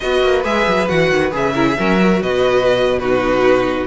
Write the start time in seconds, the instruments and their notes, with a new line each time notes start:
0.00 cello B3, viola F#4, violin B4 D#5
0.22 cello A#3
0.44 cello G#3, viola G#4, violin E5
0.66 cello F#3
0.87 cello E3, viola F#4, violin F#5
1.10 cello D#3
1.31 cello C#3, viola G#4, violin E5
1.54 viola E4, violin A#4
1.66 violin G#4
1.77 cello F#3, viola C#4, violin A#4
2.00 viola F#4
2.22 cello B2, violin B4 D#5
2.98 viola D#4, violin F#4 B4